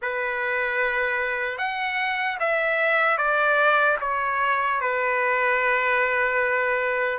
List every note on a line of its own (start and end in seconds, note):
0.01 1.58 B4
1.58 2.38 F#5
2.39 3.17 E5
3.17 3.97 D5
4.00 4.80 C#5
4.80 7.18 B4